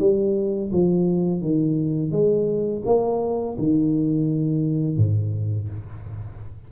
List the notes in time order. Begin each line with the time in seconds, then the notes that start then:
0.00 G3
0.72 F3
1.42 D#3
2.12 G#3
2.86 A#3
3.58 D#3
4.97 G#2